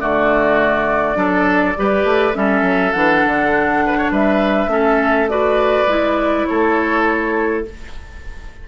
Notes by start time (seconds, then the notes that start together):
0.00 D3 A3 F#4 D5
1.15 F#3 D4 A4
1.77 G3 G4 B4
2.04 A3
2.34 G3 C#4 A4 E5
2.62 F#3
2.93 E3 D4 F#5
3.25 D3
3.86 B4
3.98 C#5
4.11 G3 B4 E5
4.67 A3 C#4 A4
5.29 F#4 B4 D5
5.86 G#3 E4
6.46 A3 A4 C#5